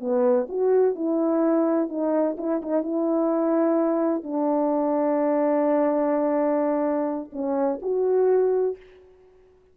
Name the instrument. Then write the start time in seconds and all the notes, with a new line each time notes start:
horn
0.00 B3
0.49 F#4
0.95 E4
1.89 D#4
2.38 E4
2.62 D#4
2.83 E4
4.23 D4
7.32 C#4
7.82 F#4